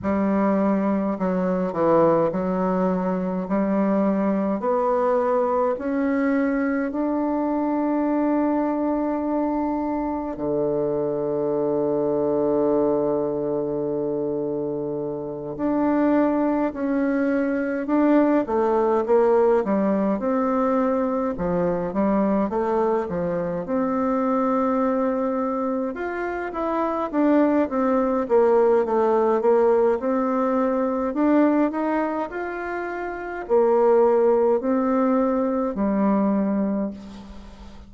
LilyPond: \new Staff \with { instrumentName = "bassoon" } { \time 4/4 \tempo 4 = 52 g4 fis8 e8 fis4 g4 | b4 cis'4 d'2~ | d'4 d2.~ | d4. d'4 cis'4 d'8 |
a8 ais8 g8 c'4 f8 g8 a8 | f8 c'2 f'8 e'8 d'8 | c'8 ais8 a8 ais8 c'4 d'8 dis'8 | f'4 ais4 c'4 g4 | }